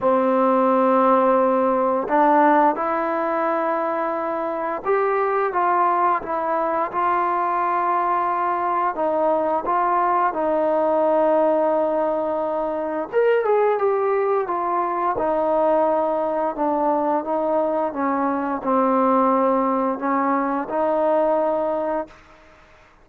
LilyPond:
\new Staff \with { instrumentName = "trombone" } { \time 4/4 \tempo 4 = 87 c'2. d'4 | e'2. g'4 | f'4 e'4 f'2~ | f'4 dis'4 f'4 dis'4~ |
dis'2. ais'8 gis'8 | g'4 f'4 dis'2 | d'4 dis'4 cis'4 c'4~ | c'4 cis'4 dis'2 | }